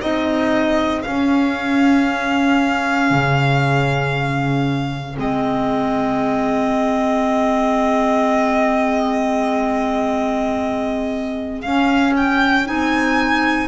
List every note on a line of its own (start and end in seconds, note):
0.00 1.05 C4
0.00 1.03 D#4
0.00 13.68 G#4
0.00 1.03 D#5
1.03 5.16 C#4
1.03 3.11 C#4
1.03 5.16 F5
3.11 5.17 C#3
5.16 11.66 G#3
5.16 11.62 C4
5.16 11.61 D#5
11.61 12.69 C#4
11.61 12.65 C#4
11.61 12.13 F5
12.17 12.67 G5
12.65 13.68 C4
12.65 13.68 D#4
12.65 13.68 G#5